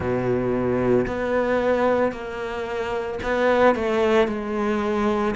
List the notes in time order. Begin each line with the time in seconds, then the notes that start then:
0.00 B2
1.07 B3
2.12 A#3
3.22 B3
3.75 A3
4.27 G#3